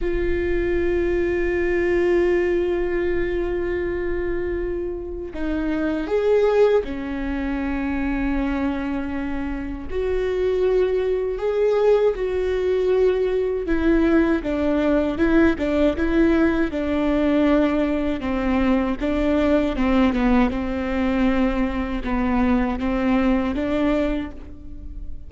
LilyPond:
\new Staff \with { instrumentName = "viola" } { \time 4/4 \tempo 4 = 79 f'1~ | f'2. dis'4 | gis'4 cis'2.~ | cis'4 fis'2 gis'4 |
fis'2 e'4 d'4 | e'8 d'8 e'4 d'2 | c'4 d'4 c'8 b8 c'4~ | c'4 b4 c'4 d'4 | }